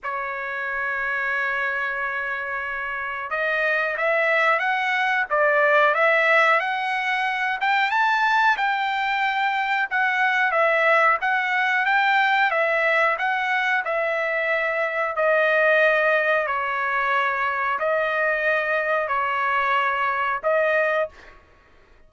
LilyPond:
\new Staff \with { instrumentName = "trumpet" } { \time 4/4 \tempo 4 = 91 cis''1~ | cis''4 dis''4 e''4 fis''4 | d''4 e''4 fis''4. g''8 | a''4 g''2 fis''4 |
e''4 fis''4 g''4 e''4 | fis''4 e''2 dis''4~ | dis''4 cis''2 dis''4~ | dis''4 cis''2 dis''4 | }